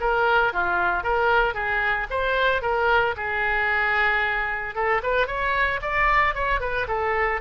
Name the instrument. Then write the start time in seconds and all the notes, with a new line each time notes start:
oboe
0.00 A#4
0.53 F4
1.03 A#4
1.54 G#4
2.10 C5
2.62 A#4
3.16 G#4
4.75 A4
5.03 B4
5.27 C#5
5.82 D5
6.34 C#5
6.60 B4
6.88 A4